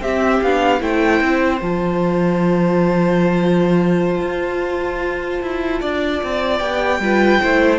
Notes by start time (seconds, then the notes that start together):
0.00 C4 G4 E5
0.42 B3 D4 F5
0.80 A3 E4 C5 G5
1.21 C4
1.60 F3 F4 A5
4.21 F4
5.42 E4
5.80 D4 D5
6.23 C4
6.58 B3 G4 G5
6.99 G3 F4 B4
7.41 A3 E4 C5